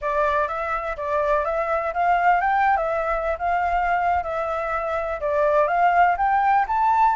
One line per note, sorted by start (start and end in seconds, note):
0.01 0.48 D5
0.48 0.96 E5
0.97 1.45 D5
1.45 1.93 E5
1.93 2.40 F5
2.40 2.76 G5
2.76 3.37 E5
3.38 4.23 F5
4.23 5.19 E5
5.20 5.67 D5
5.67 6.15 F5
6.17 6.65 G5
6.67 7.15 A5